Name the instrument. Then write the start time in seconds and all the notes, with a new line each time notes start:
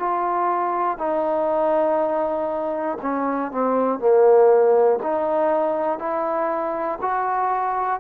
trombone
0.00 F4
0.99 D#4
3.02 C#4
3.52 C4
4.00 A#3
5.04 D#4
5.99 E4
7.01 F#4